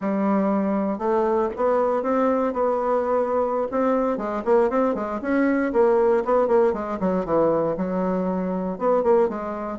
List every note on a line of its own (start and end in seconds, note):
0.00 0.98 G3
0.98 1.49 A3
1.56 2.02 B3
2.02 2.53 C4
2.53 3.67 B3
3.71 4.17 C4
4.17 4.42 G#3
4.44 4.70 A#3
4.70 4.94 C4
4.94 5.20 G#3
5.21 5.72 C#4
5.72 6.23 A#3
6.24 6.47 B3
6.47 6.73 A#3
6.73 6.98 G#3
7.00 7.25 F#3
7.25 7.76 E3
7.77 8.78 F#3
8.78 9.03 B3
9.03 9.28 A#3
9.28 9.78 G#3